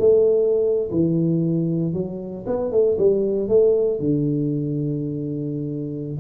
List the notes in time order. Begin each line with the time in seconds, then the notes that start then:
0.00 A3
0.91 E3
1.94 F#3
2.47 B3
2.72 A3
2.98 G3
3.49 A3
4.00 D3